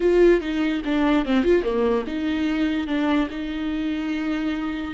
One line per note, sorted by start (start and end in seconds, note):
0.00 0.41 F4
0.41 0.82 D#4
0.84 1.25 D4
1.25 1.43 C4
1.43 1.63 F4
1.63 2.04 A#3
2.06 2.87 D#4
2.87 3.28 D4
3.30 4.94 D#4